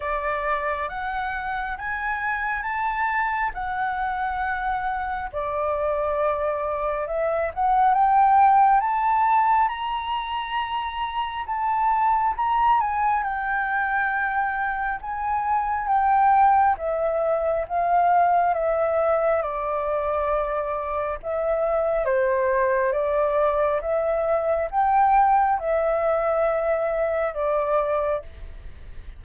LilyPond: \new Staff \with { instrumentName = "flute" } { \time 4/4 \tempo 4 = 68 d''4 fis''4 gis''4 a''4 | fis''2 d''2 | e''8 fis''8 g''4 a''4 ais''4~ | ais''4 a''4 ais''8 gis''8 g''4~ |
g''4 gis''4 g''4 e''4 | f''4 e''4 d''2 | e''4 c''4 d''4 e''4 | g''4 e''2 d''4 | }